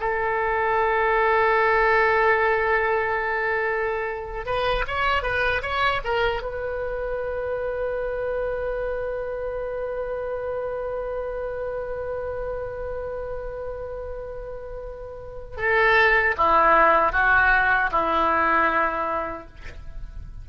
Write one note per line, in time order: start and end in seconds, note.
0.00 4.46 A4
4.46 4.85 B4
4.87 5.22 C#5
5.22 5.61 B4
5.62 6.01 C#5
6.04 6.42 A#4
6.42 15.57 B4
15.57 16.35 A4
16.37 17.12 E4
17.12 17.90 F#4
17.91 19.47 E4